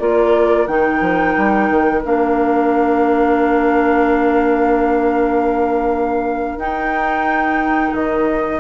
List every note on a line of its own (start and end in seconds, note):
0.00 0.67 A#3
0.00 0.67 F4
0.00 8.60 A#4
0.00 0.67 D5
0.67 1.01 D#3
0.67 2.04 D#4
0.67 2.02 G5
1.01 1.35 F3
1.37 1.70 G3
1.70 2.04 D#3
2.05 6.57 A#3
2.05 6.59 D4
2.05 6.60 F5
6.57 7.92 D#4
6.57 8.60 D#4
6.57 7.94 G5
7.94 8.60 D#3
7.94 8.60 D#5